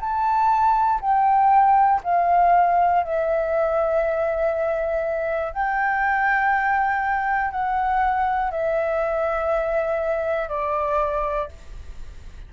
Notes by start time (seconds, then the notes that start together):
0.00 A5
1.01 G5
2.04 F5
3.04 E5
5.53 G5
7.51 F#5
8.51 E5
10.49 D5